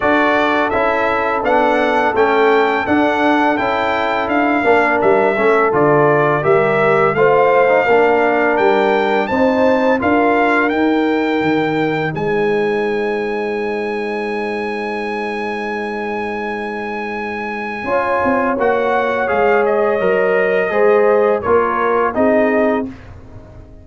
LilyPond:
<<
  \new Staff \with { instrumentName = "trumpet" } { \time 4/4 \tempo 4 = 84 d''4 e''4 fis''4 g''4 | fis''4 g''4 f''4 e''4 | d''4 e''4 f''2 | g''4 a''4 f''4 g''4~ |
g''4 gis''2.~ | gis''1~ | gis''2 fis''4 f''8 dis''8~ | dis''2 cis''4 dis''4 | }
  \new Staff \with { instrumentName = "horn" } { \time 4/4 a'1~ | a'2~ a'8 ais'4 a'8~ | a'4 ais'4 c''4 ais'4~ | ais'4 c''4 ais'2~ |
ais'4 c''2.~ | c''1~ | c''4 cis''2.~ | cis''4 c''4 ais'4 gis'4 | }
  \new Staff \with { instrumentName = "trombone" } { \time 4/4 fis'4 e'4 d'4 cis'4 | d'4 e'4. d'4 cis'8 | f'4 g'4 f'8. dis'16 d'4~ | d'4 dis'4 f'4 dis'4~ |
dis'1~ | dis'1~ | dis'4 f'4 fis'4 gis'4 | ais'4 gis'4 f'4 dis'4 | }
  \new Staff \with { instrumentName = "tuba" } { \time 4/4 d'4 cis'4 b4 a4 | d'4 cis'4 d'8 ais8 g8 a8 | d4 g4 a4 ais4 | g4 c'4 d'4 dis'4 |
dis4 gis2.~ | gis1~ | gis4 cis'8 c'8 ais4 gis4 | fis4 gis4 ais4 c'4 | }
>>